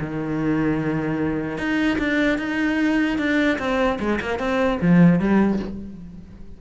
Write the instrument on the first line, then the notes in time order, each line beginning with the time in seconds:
cello
0.00 D#3
1.58 D#4
1.98 D4
2.38 D#4
3.18 D4
3.58 C4
3.99 G#3
4.21 A#3
4.39 C4
4.81 F3
5.19 G3